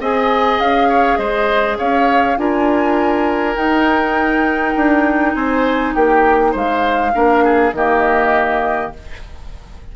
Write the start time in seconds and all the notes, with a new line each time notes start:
0.00 C4 G#4 D#5 G#5
0.59 C#4 F5
0.88 C#5
1.17 G#3 C5 D#5
1.78 C#4 C#5 F5
2.37 D4 F4 A#4 G#5
3.55 D#4 G5
4.75 D4
5.34 C4 C5 G#5
5.94 A#3 G4 G5
6.52 G#3 C5 F5
7.12 A#3 D4 A#4
7.44 G#4
7.73 D#3 A#3 G4 D#5